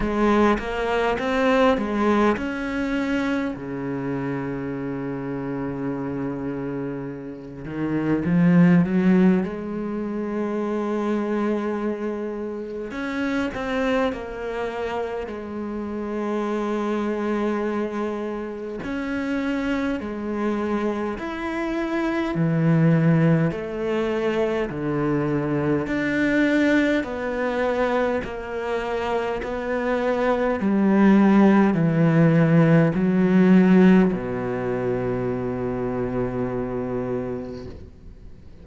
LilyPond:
\new Staff \with { instrumentName = "cello" } { \time 4/4 \tempo 4 = 51 gis8 ais8 c'8 gis8 cis'4 cis4~ | cis2~ cis8 dis8 f8 fis8 | gis2. cis'8 c'8 | ais4 gis2. |
cis'4 gis4 e'4 e4 | a4 d4 d'4 b4 | ais4 b4 g4 e4 | fis4 b,2. | }